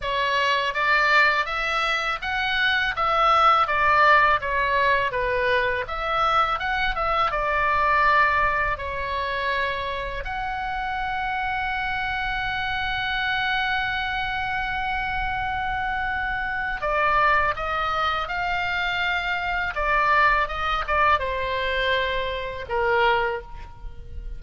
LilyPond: \new Staff \with { instrumentName = "oboe" } { \time 4/4 \tempo 4 = 82 cis''4 d''4 e''4 fis''4 | e''4 d''4 cis''4 b'4 | e''4 fis''8 e''8 d''2 | cis''2 fis''2~ |
fis''1~ | fis''2. d''4 | dis''4 f''2 d''4 | dis''8 d''8 c''2 ais'4 | }